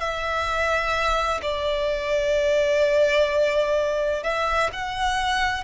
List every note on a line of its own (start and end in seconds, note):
0.00 1.41 E5
1.42 4.23 D5
4.23 4.70 E5
4.73 5.64 F#5